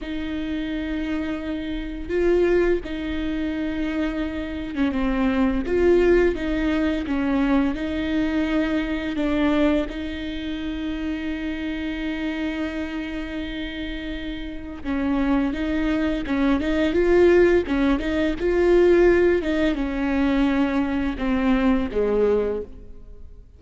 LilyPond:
\new Staff \with { instrumentName = "viola" } { \time 4/4 \tempo 4 = 85 dis'2. f'4 | dis'2~ dis'8. cis'16 c'4 | f'4 dis'4 cis'4 dis'4~ | dis'4 d'4 dis'2~ |
dis'1~ | dis'4 cis'4 dis'4 cis'8 dis'8 | f'4 cis'8 dis'8 f'4. dis'8 | cis'2 c'4 gis4 | }